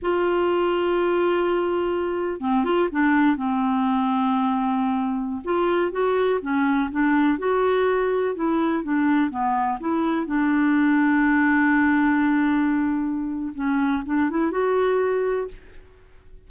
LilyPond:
\new Staff \with { instrumentName = "clarinet" } { \time 4/4 \tempo 4 = 124 f'1~ | f'4 c'8 f'8 d'4 c'4~ | c'2.~ c'16 f'8.~ | f'16 fis'4 cis'4 d'4 fis'8.~ |
fis'4~ fis'16 e'4 d'4 b8.~ | b16 e'4 d'2~ d'8.~ | d'1 | cis'4 d'8 e'8 fis'2 | }